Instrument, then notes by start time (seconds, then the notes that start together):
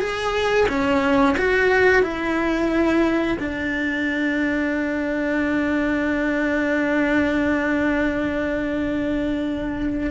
cello
0.00 G#4
0.69 C#4
1.38 F#4
2.03 E4
3.40 D4